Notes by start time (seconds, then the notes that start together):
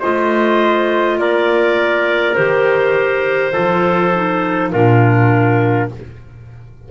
0.00 A3 F4 C5 D#5
1.18 A#3 A#4 D5
2.35 D#3 G4 C5
3.52 F3 F4 A4
4.15 D#4
4.72 A#2 D4 F4 A#4